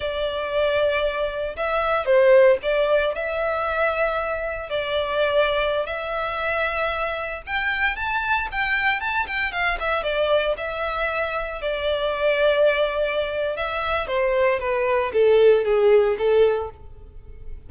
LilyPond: \new Staff \with { instrumentName = "violin" } { \time 4/4 \tempo 4 = 115 d''2. e''4 | c''4 d''4 e''2~ | e''4 d''2~ d''16 e''8.~ | e''2~ e''16 g''4 a''8.~ |
a''16 g''4 a''8 g''8 f''8 e''8 d''8.~ | d''16 e''2 d''4.~ d''16~ | d''2 e''4 c''4 | b'4 a'4 gis'4 a'4 | }